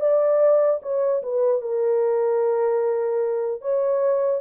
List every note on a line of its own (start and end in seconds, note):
0.00 0.80 D5
0.82 1.22 C#5
1.23 1.61 B4
1.61 3.61 A#4
3.61 4.41 C#5